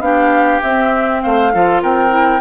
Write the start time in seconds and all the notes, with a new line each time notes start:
0.00 B3 D4 G4 F5
0.62 C4 E5
1.22 A3 C5 F5
1.53 F3 F4 A4
1.82 C4 A#4 G5
2.10 E4